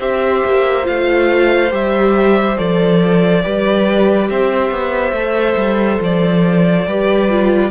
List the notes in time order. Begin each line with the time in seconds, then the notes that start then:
0.00 C4 G4 C5 E5
0.45 A#3
0.83 A3 F4 F5
1.71 G3 G4 E5
2.57 F3 A4 D5
3.43 G3 G4 B4
4.30 C4 C5 E5
4.71 B3
5.12 A3 A4
5.57 G3
6.01 F3 D5
6.86 G3 G4 B4
7.30 F4